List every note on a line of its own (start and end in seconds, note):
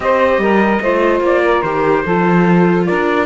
0.00 0.37 C4
0.00 0.81 G4
0.00 0.41 C5
0.00 1.21 D#5
0.37 0.79 G3
0.37 0.82 A#4
0.81 1.20 A3
0.81 1.64 F4
0.81 1.43 C5
1.20 1.61 A#3
1.20 1.62 D5
1.44 2.04 A#4
1.62 2.04 D#3
1.62 2.05 G4
1.62 2.85 C5
2.04 2.88 F3
2.04 3.26 F4
2.04 2.86 A4
2.86 3.26 D4
2.86 3.26 A#4
2.86 3.26 D5